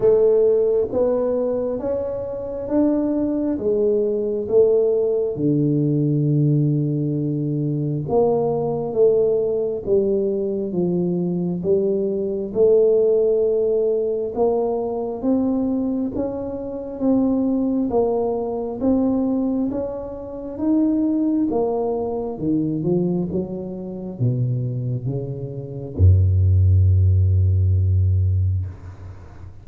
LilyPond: \new Staff \with { instrumentName = "tuba" } { \time 4/4 \tempo 4 = 67 a4 b4 cis'4 d'4 | gis4 a4 d2~ | d4 ais4 a4 g4 | f4 g4 a2 |
ais4 c'4 cis'4 c'4 | ais4 c'4 cis'4 dis'4 | ais4 dis8 f8 fis4 b,4 | cis4 fis,2. | }